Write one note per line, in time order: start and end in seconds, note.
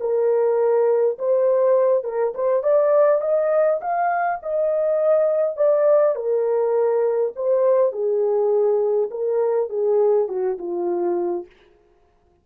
0.00 1.18 A#4
1.18 2.03 C5
2.03 2.33 A#4
2.34 2.63 C5
2.63 3.21 D5
3.21 3.79 D#5
3.81 4.40 F5
4.42 5.56 D#5
5.56 6.15 D5
6.15 7.33 A#4
7.35 7.92 C5
7.92 9.09 G#4
9.10 9.69 A#4
9.69 10.28 G#4
10.28 10.57 F#4
10.58 11.46 F4